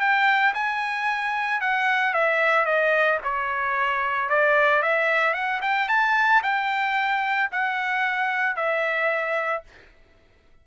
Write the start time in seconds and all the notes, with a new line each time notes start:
0.00 G5
0.54 G#5
1.61 F#5
2.14 E5
2.65 D#5
3.24 C#5
4.29 D5
4.82 E5
5.34 F#5
5.62 G5
5.88 A5
6.43 G5
7.51 F#5
8.56 E5